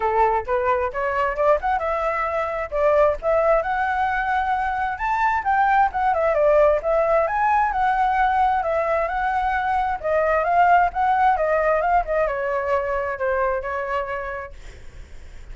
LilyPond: \new Staff \with { instrumentName = "flute" } { \time 4/4 \tempo 4 = 132 a'4 b'4 cis''4 d''8 fis''8 | e''2 d''4 e''4 | fis''2. a''4 | g''4 fis''8 e''8 d''4 e''4 |
gis''4 fis''2 e''4 | fis''2 dis''4 f''4 | fis''4 dis''4 f''8 dis''8 cis''4~ | cis''4 c''4 cis''2 | }